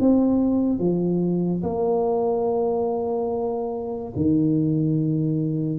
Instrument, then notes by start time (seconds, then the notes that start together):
tuba
0.00 C4
0.80 F3
1.64 A#3
4.16 D#3